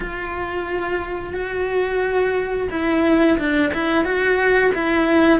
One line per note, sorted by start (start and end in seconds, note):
0.00 1.33 F4
1.33 2.68 F#4
2.70 3.37 E4
3.38 3.72 D4
3.73 4.04 E4
4.04 4.71 F#4
4.74 5.39 E4